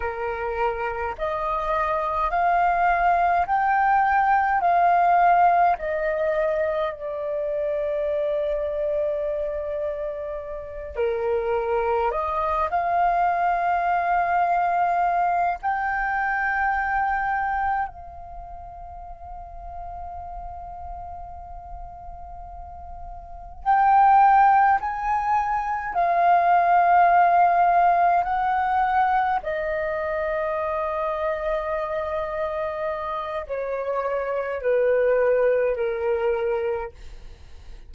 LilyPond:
\new Staff \with { instrumentName = "flute" } { \time 4/4 \tempo 4 = 52 ais'4 dis''4 f''4 g''4 | f''4 dis''4 d''2~ | d''4. ais'4 dis''8 f''4~ | f''4. g''2 f''8~ |
f''1~ | f''8 g''4 gis''4 f''4.~ | f''8 fis''4 dis''2~ dis''8~ | dis''4 cis''4 b'4 ais'4 | }